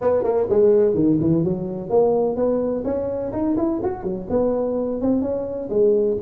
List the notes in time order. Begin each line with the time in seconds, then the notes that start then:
0.01 B3
0.23 A#3
0.49 G#3
0.94 D#3
1.20 E3
1.44 F#3
1.89 A#3
2.36 B3
2.84 C#4
3.32 D#4
3.56 E4
3.83 F#4
4.03 F#3
4.29 B3
5.01 C4
5.21 C#4
5.69 G#3